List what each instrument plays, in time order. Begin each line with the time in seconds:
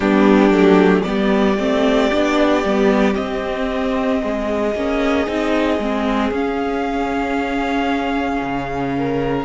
0.00 cello G3, viola B3, violin D4 G4
0.50 cello F#3, viola A3
1.02 cello G3, viola B3, violin G4 D5
1.58 cello A3, viola C4
2.11 cello B3, viola D4
2.64 cello G3, viola B3
3.13 viola C4, cello C4, violin D#5
4.22 cello G#3, violin G#4
4.74 cello A#3, viola C#4
5.26 cello C4, viola D#4
5.78 cello G#3, viola C4
6.31 cello C#4, viola C#4, violin F5
8.42 cello C#3
8.97 violin A#4